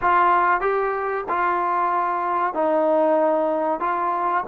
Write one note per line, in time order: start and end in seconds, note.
0.01 0.60 F4
0.60 1.24 G4
1.29 2.54 F4
2.54 3.80 D#4
3.80 4.44 F4